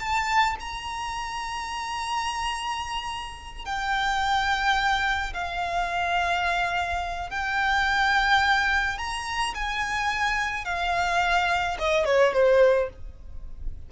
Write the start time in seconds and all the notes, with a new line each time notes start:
0.00 A5
0.60 A#5
3.65 G5
5.34 F5
7.30 G5
8.98 A#5
9.55 G#5
10.65 F5
11.79 D#5
12.06 C#5
12.33 C5